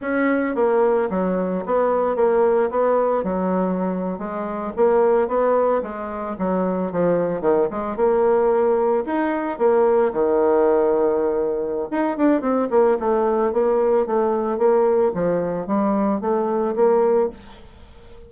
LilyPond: \new Staff \with { instrumentName = "bassoon" } { \time 4/4 \tempo 4 = 111 cis'4 ais4 fis4 b4 | ais4 b4 fis4.~ fis16 gis16~ | gis8. ais4 b4 gis4 fis16~ | fis8. f4 dis8 gis8 ais4~ ais16~ |
ais8. dis'4 ais4 dis4~ dis16~ | dis2 dis'8 d'8 c'8 ais8 | a4 ais4 a4 ais4 | f4 g4 a4 ais4 | }